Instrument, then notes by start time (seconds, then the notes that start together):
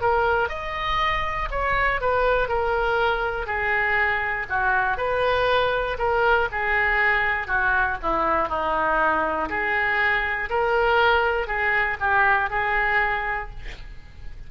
oboe
0.00 A#4
0.48 D#5
1.50 C#5
2.00 B4
2.48 A#4
3.46 G#4
4.49 F#4
4.97 B4
5.98 A#4
6.51 G#4
7.47 F#4
8.02 E4
8.48 D#4
9.49 G#4
10.50 A#4
11.47 G#4
12.00 G4
12.50 G#4